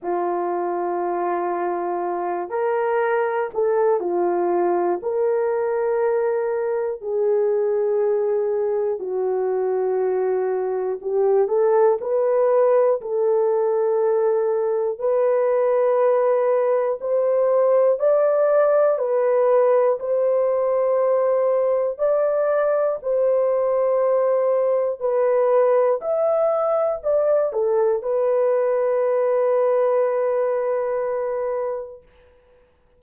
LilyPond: \new Staff \with { instrumentName = "horn" } { \time 4/4 \tempo 4 = 60 f'2~ f'8 ais'4 a'8 | f'4 ais'2 gis'4~ | gis'4 fis'2 g'8 a'8 | b'4 a'2 b'4~ |
b'4 c''4 d''4 b'4 | c''2 d''4 c''4~ | c''4 b'4 e''4 d''8 a'8 | b'1 | }